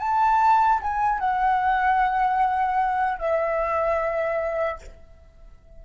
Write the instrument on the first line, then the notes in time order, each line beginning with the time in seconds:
flute
0.00 A5
0.82 G#5
1.20 F#5
3.19 E5